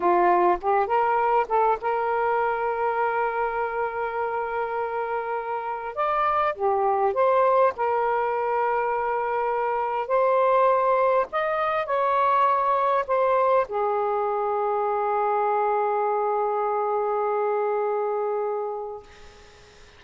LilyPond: \new Staff \with { instrumentName = "saxophone" } { \time 4/4 \tempo 4 = 101 f'4 g'8 ais'4 a'8 ais'4~ | ais'1~ | ais'2 d''4 g'4 | c''4 ais'2.~ |
ais'4 c''2 dis''4 | cis''2 c''4 gis'4~ | gis'1~ | gis'1 | }